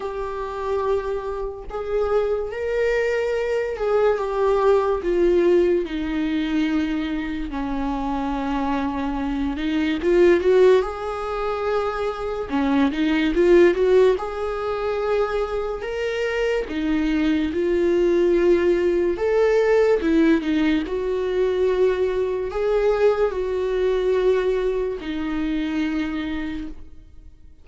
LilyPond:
\new Staff \with { instrumentName = "viola" } { \time 4/4 \tempo 4 = 72 g'2 gis'4 ais'4~ | ais'8 gis'8 g'4 f'4 dis'4~ | dis'4 cis'2~ cis'8 dis'8 | f'8 fis'8 gis'2 cis'8 dis'8 |
f'8 fis'8 gis'2 ais'4 | dis'4 f'2 a'4 | e'8 dis'8 fis'2 gis'4 | fis'2 dis'2 | }